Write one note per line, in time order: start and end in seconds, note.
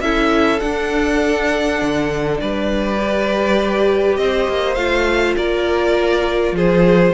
0.00 0.59 C#4
0.00 0.60 E4
0.00 2.41 A4
0.00 0.60 E5
0.60 2.97 D4
0.60 1.81 D4
0.60 2.38 F#5
1.81 2.41 D3
2.40 4.18 G3
2.40 4.19 B4
2.40 4.16 D5
2.98 4.76 G4
4.16 4.47 C4
4.16 5.36 C5
4.16 4.75 D#5
4.48 4.76 A#3
4.75 5.35 A3
4.75 7.13 F4
4.75 5.34 F5
5.36 6.52 A#3
5.36 6.55 A#4
5.36 6.56 D5
6.52 7.11 F3
6.52 7.13 G#4
6.52 7.13 C5